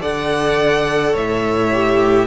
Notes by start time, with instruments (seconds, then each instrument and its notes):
0.00 cello D3, viola A4, violin D5 F#5
1.12 cello A2, violin C#5 E5
1.72 viola G4